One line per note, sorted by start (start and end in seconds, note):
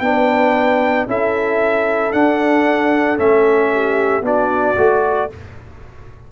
0.00 1.05 B3
0.00 1.07 D4
0.00 1.08 B4
0.00 1.05 G5
1.06 2.12 C#4
1.06 2.13 E4
1.06 3.71 A4
1.06 2.12 E5
2.12 3.18 D4
2.12 3.16 D4
2.12 3.17 F#5
3.16 4.21 A3
3.16 4.22 C#4
3.16 4.24 E5
3.73 4.23 G4
4.21 4.74 B3
4.21 4.75 D4
4.21 5.29 F#4
4.21 5.31 D5
4.77 5.29 A3
4.77 5.29 F#4